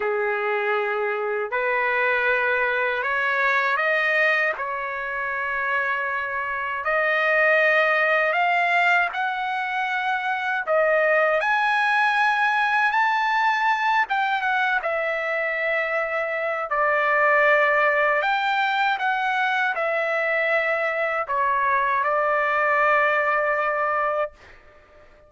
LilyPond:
\new Staff \with { instrumentName = "trumpet" } { \time 4/4 \tempo 4 = 79 gis'2 b'2 | cis''4 dis''4 cis''2~ | cis''4 dis''2 f''4 | fis''2 dis''4 gis''4~ |
gis''4 a''4. g''8 fis''8 e''8~ | e''2 d''2 | g''4 fis''4 e''2 | cis''4 d''2. | }